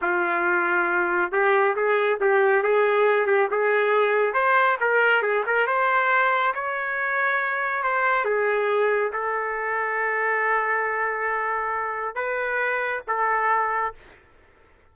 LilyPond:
\new Staff \with { instrumentName = "trumpet" } { \time 4/4 \tempo 4 = 138 f'2. g'4 | gis'4 g'4 gis'4. g'8 | gis'2 c''4 ais'4 | gis'8 ais'8 c''2 cis''4~ |
cis''2 c''4 gis'4~ | gis'4 a'2.~ | a'1 | b'2 a'2 | }